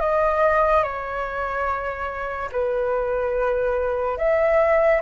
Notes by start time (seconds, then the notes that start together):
0.00 D#5
0.83 C#5
2.52 B4
4.18 E5